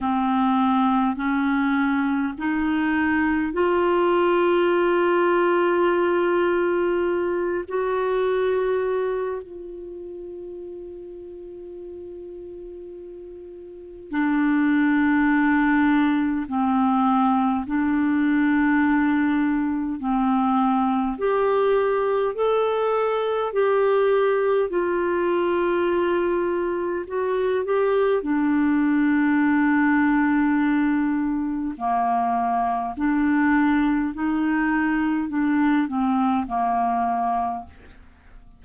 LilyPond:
\new Staff \with { instrumentName = "clarinet" } { \time 4/4 \tempo 4 = 51 c'4 cis'4 dis'4 f'4~ | f'2~ f'8 fis'4. | f'1 | d'2 c'4 d'4~ |
d'4 c'4 g'4 a'4 | g'4 f'2 fis'8 g'8 | d'2. ais4 | d'4 dis'4 d'8 c'8 ais4 | }